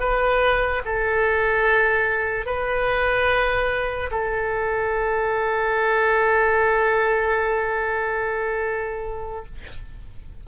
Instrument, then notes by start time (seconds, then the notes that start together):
oboe
0.00 B4
0.85 A4
2.46 B4
4.11 A4